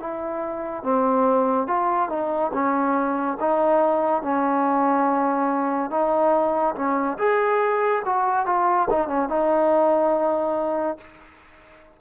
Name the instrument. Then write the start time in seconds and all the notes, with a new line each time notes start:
trombone
0.00 E4
0.84 C4
1.67 F4
2.10 D#4
2.54 C#4
3.41 D#4
4.23 C#4
5.91 D#4
6.76 C#4
7.18 G#4
8.06 F#4
8.46 F4
8.90 D#4
9.08 C#4
9.29 D#4